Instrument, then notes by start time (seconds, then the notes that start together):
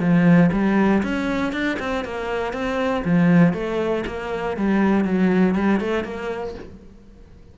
cello
0.00 F3
0.52 G3
1.03 C#4
1.53 D4
1.79 C4
2.04 A#3
2.53 C4
3.04 F3
3.54 A3
4.07 A#3
4.57 G3
5.05 F#3
5.55 G3
5.80 A3
6.04 A#3